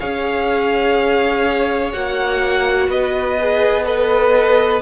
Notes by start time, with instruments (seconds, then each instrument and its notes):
0.00 cello C#4, viola G#4, violin C#5 F5
1.92 cello A#3, viola F#4, violin F#5
2.88 cello B3, violin B4 D#5
3.40 viola G#4
3.85 viola A4, violin B4 D#5